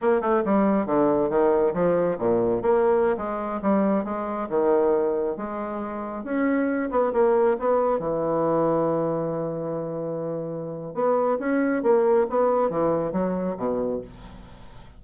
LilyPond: \new Staff \with { instrumentName = "bassoon" } { \time 4/4 \tempo 4 = 137 ais8 a8 g4 d4 dis4 | f4 ais,4 ais4~ ais16 gis8.~ | gis16 g4 gis4 dis4.~ dis16~ | dis16 gis2 cis'4. b16~ |
b16 ais4 b4 e4.~ e16~ | e1~ | e4 b4 cis'4 ais4 | b4 e4 fis4 b,4 | }